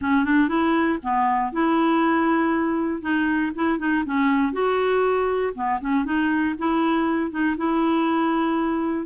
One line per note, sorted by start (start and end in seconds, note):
0.01 0.25 C#4
0.25 0.48 D4
0.48 0.98 E4
1.02 1.52 B3
1.52 3.01 E4
3.01 3.52 D#4
3.55 3.78 E4
3.78 4.04 D#4
4.05 4.52 C#4
4.52 5.53 F#4
5.54 5.80 B3
5.80 6.04 C#4
6.04 6.55 D#4
6.58 7.30 E4
7.30 7.55 D#4
7.57 9.05 E4